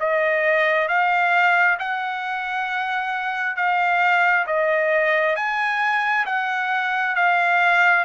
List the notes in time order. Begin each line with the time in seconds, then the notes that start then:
0.00 D#5
0.88 F5
1.79 F#5
3.56 F5
4.47 D#5
5.36 G#5
6.26 F#5
7.16 F5